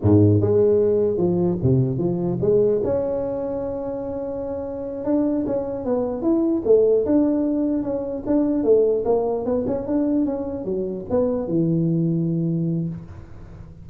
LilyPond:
\new Staff \with { instrumentName = "tuba" } { \time 4/4 \tempo 4 = 149 gis,4 gis2 f4 | c4 f4 gis4 cis'4~ | cis'1~ | cis'8 d'4 cis'4 b4 e'8~ |
e'8 a4 d'2 cis'8~ | cis'8 d'4 a4 ais4 b8 | cis'8 d'4 cis'4 fis4 b8~ | b8 e2.~ e8 | }